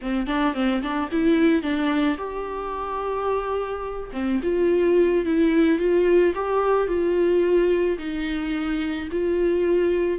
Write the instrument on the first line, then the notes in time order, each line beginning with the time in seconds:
viola
0.01 C4
0.26 D4
0.54 C4
0.82 D4
1.11 E4
1.62 D4
2.17 G4
4.13 C4
4.42 F4
5.25 E4
5.78 F4
6.35 G4
6.87 F4
7.98 D#4
9.11 F4